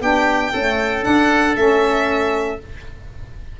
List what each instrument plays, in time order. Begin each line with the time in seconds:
0.00 tuba B3, saxophone D4, oboe G4, violin G5
0.52 saxophone A3, tuba C#4, oboe A4
1.01 saxophone D4, tuba D4, violin F#5
1.55 tuba A3, saxophone C#4, violin E5